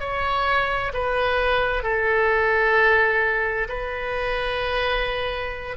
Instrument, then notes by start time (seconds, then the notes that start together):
oboe
0.00 C#5
0.94 B4
1.83 A4
3.69 B4